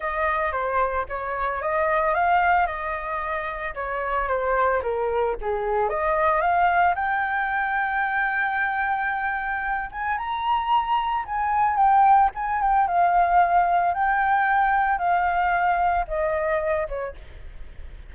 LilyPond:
\new Staff \with { instrumentName = "flute" } { \time 4/4 \tempo 4 = 112 dis''4 c''4 cis''4 dis''4 | f''4 dis''2 cis''4 | c''4 ais'4 gis'4 dis''4 | f''4 g''2.~ |
g''2~ g''8 gis''8 ais''4~ | ais''4 gis''4 g''4 gis''8 g''8 | f''2 g''2 | f''2 dis''4. cis''8 | }